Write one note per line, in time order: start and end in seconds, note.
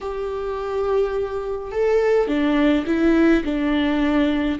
0.00 1.71 G4
1.71 2.27 A4
2.27 2.84 D4
2.86 3.43 E4
3.44 4.58 D4